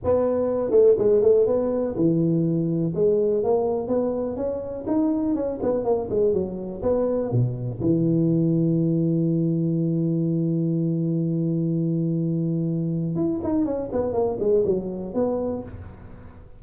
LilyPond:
\new Staff \with { instrumentName = "tuba" } { \time 4/4 \tempo 4 = 123 b4. a8 gis8 a8 b4 | e2 gis4 ais4 | b4 cis'4 dis'4 cis'8 b8 | ais8 gis8 fis4 b4 b,4 |
e1~ | e1~ | e2. e'8 dis'8 | cis'8 b8 ais8 gis8 fis4 b4 | }